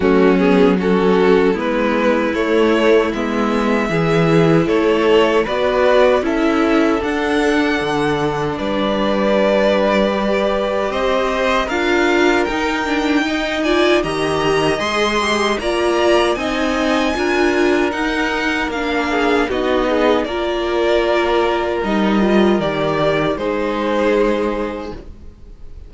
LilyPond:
<<
  \new Staff \with { instrumentName = "violin" } { \time 4/4 \tempo 4 = 77 fis'8 gis'8 a'4 b'4 cis''4 | e''2 cis''4 d''4 | e''4 fis''2 d''4~ | d''2 dis''4 f''4 |
g''4. gis''8 ais''4 c'''4 | ais''4 gis''2 fis''4 | f''4 dis''4 d''2 | dis''4 d''4 c''2 | }
  \new Staff \with { instrumentName = "violin" } { \time 4/4 cis'4 fis'4 e'2~ | e'4 gis'4 a'4 b'4 | a'2. b'4~ | b'2 c''4 ais'4~ |
ais'4 dis''8 d''8 dis''2 | d''4 dis''4 ais'2~ | ais'8 gis'8 fis'8 gis'8 ais'2~ | ais'2 gis'2 | }
  \new Staff \with { instrumentName = "viola" } { \time 4/4 a8 b8 cis'4 b4 a4 | b4 e'2 fis'4 | e'4 d'2.~ | d'4 g'2 f'4 |
dis'8 d'8 dis'8 f'8 g'4 gis'8 g'8 | f'4 dis'4 f'4 dis'4 | d'4 dis'4 f'2 | dis'8 f'8 g'4 dis'2 | }
  \new Staff \with { instrumentName = "cello" } { \time 4/4 fis2 gis4 a4 | gis4 e4 a4 b4 | cis'4 d'4 d4 g4~ | g2 c'4 d'4 |
dis'2 dis4 gis4 | ais4 c'4 d'4 dis'4 | ais4 b4 ais2 | g4 dis4 gis2 | }
>>